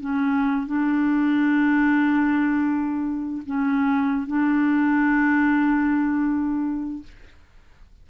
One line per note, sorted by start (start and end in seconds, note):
0.00 0.67 C#4
0.67 3.43 D4
3.46 4.27 C#4
4.27 7.03 D4